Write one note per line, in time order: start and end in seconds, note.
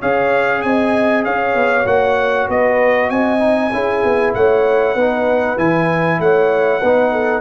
0.00 0.64 C#4
0.00 1.85 G#4
0.00 0.62 C#5
0.00 0.62 F5
0.62 1.26 C4
0.62 1.25 D#5
0.62 1.24 G#5
1.25 1.55 C#4
1.25 2.49 C#5
1.25 1.87 F5
1.55 1.86 B3
1.85 2.48 A#3
1.85 3.40 F#4
1.85 2.49 F#5
2.49 3.10 B3
2.49 3.11 B4
2.49 3.10 D#5
3.10 3.72 C4
3.10 3.73 D#5
3.10 4.34 G#5
3.40 3.70 D#4
3.73 4.04 C#4
3.73 4.97 E4
3.73 4.36 G#4
4.04 4.35 B3
4.35 4.96 A3
4.35 4.95 C#5
4.35 5.59 F#5
4.95 5.58 B3
4.95 5.58 D#4
4.95 6.18 B4
5.58 6.20 E3
5.58 6.81 E4
5.58 6.21 G#5
6.20 6.82 A3
6.20 6.81 C#5
6.20 7.41 F#5
6.81 7.41 B3
6.81 7.41 D#4
6.81 7.12 B4
7.12 7.41 A4